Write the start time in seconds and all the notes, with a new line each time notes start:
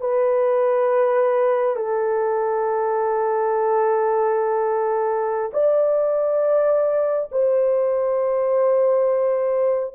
0.00 B4
1.76 A4
5.53 D5
7.32 C5